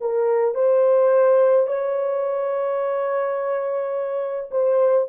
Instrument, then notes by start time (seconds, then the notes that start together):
horn
0.00 A#4
0.55 C5
1.66 C#5
4.51 C5